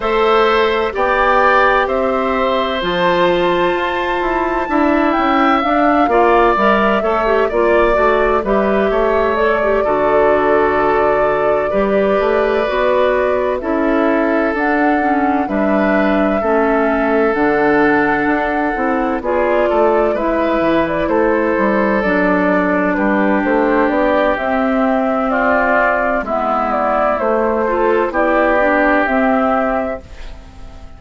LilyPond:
<<
  \new Staff \with { instrumentName = "flute" } { \time 4/4 \tempo 4 = 64 e''4 g''4 e''4 a''4~ | a''4. g''8 f''4 e''4 | d''4 e''4 d''2~ | d''2~ d''8 e''4 fis''8~ |
fis''8 e''2 fis''4.~ | fis''8 d''4 e''8. d''16 c''4 d''8~ | d''8 b'8 c''8 d''8 e''4 d''4 | e''8 d''8 c''4 d''4 e''4 | }
  \new Staff \with { instrumentName = "oboe" } { \time 4/4 c''4 d''4 c''2~ | c''4 e''4. d''4 cis''8 | d''4 b'8 cis''4 a'4.~ | a'8 b'2 a'4.~ |
a'8 b'4 a'2~ a'8~ | a'8 gis'8 a'8 b'4 a'4.~ | a'8 g'2~ g'8 f'4 | e'4. a'8 g'2 | }
  \new Staff \with { instrumentName = "clarinet" } { \time 4/4 a'4 g'2 f'4~ | f'4 e'4 d'8 f'8 ais'8 a'16 g'16 | f'8 fis'8 g'4 a'16 g'16 fis'4.~ | fis'8 g'4 fis'4 e'4 d'8 |
cis'8 d'4 cis'4 d'4. | e'8 f'4 e'2 d'8~ | d'2 c'2 | b4 a8 f'8 e'8 d'8 c'4 | }
  \new Staff \with { instrumentName = "bassoon" } { \time 4/4 a4 b4 c'4 f4 | f'8 e'8 d'8 cis'8 d'8 ais8 g8 a8 | ais8 a8 g8 a4 d4.~ | d8 g8 a8 b4 cis'4 d'8~ |
d'8 g4 a4 d4 d'8 | c'8 b8 a8 gis8 e8 a8 g8 fis8~ | fis8 g8 a8 b8 c'2 | gis4 a4 b4 c'4 | }
>>